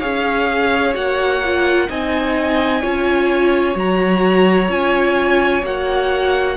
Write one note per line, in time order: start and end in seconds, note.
0.00 0.95 C#4
0.00 0.94 G#4
0.00 1.88 C#5
0.00 0.94 F5
0.94 1.89 A#3
0.94 1.41 F#4
0.94 1.89 F#5
1.44 1.89 F4
1.89 2.83 C4
1.89 2.82 D#4
1.89 2.81 D#5
1.89 3.77 G#5
2.81 3.75 C#4
2.81 3.74 F4
2.81 6.56 C#5
3.74 4.69 F#3
3.74 4.68 F#4
3.74 4.71 A#5
4.69 5.62 C#4
4.69 5.62 F4
4.69 5.64 G#5
5.62 6.56 A#3
5.62 6.56 F#4
5.62 6.56 F#5